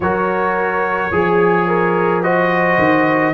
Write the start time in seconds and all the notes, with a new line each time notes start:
0.00 F#3 F#4 A#4 C#5
1.10 F3 G#4
1.67 A#4
2.22 F#4 C5 D#5
2.78 D#3